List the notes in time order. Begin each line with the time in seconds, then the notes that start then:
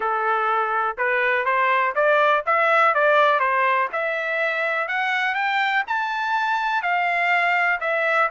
0.00 A4
0.97 B4
1.45 C5
1.95 D5
2.46 E5
2.94 D5
3.39 C5
3.92 E5
4.88 F#5
5.35 G5
5.87 A5
6.82 F5
7.80 E5